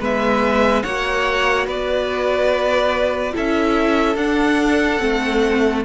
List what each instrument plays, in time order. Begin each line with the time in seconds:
0.00 cello G#3, viola B3, violin B4 E5
0.83 cello A#3, viola F#4, violin C#5 F#5
1.66 cello B3, violin B4 D5
3.32 cello C#4, viola E4, violin A4 E5
4.15 cello D4, viola D4, violin F#5
4.99 cello A3, viola C4